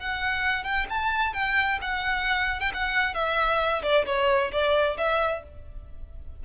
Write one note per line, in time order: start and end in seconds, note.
0.00 0.64 F#5
0.64 0.87 G5
0.90 1.34 A5
1.34 1.80 G5
1.82 2.61 F#5
2.61 2.72 G5
2.74 3.15 F#5
3.15 3.83 E5
3.83 4.06 D5
4.06 4.52 C#5
4.52 4.98 D5
4.98 5.43 E5